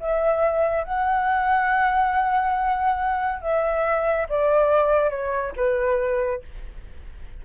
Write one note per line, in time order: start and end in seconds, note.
0.00 0.84 E5
0.84 3.41 F#5
3.41 4.27 E5
4.29 5.10 D5
5.10 5.53 C#5
5.57 6.42 B4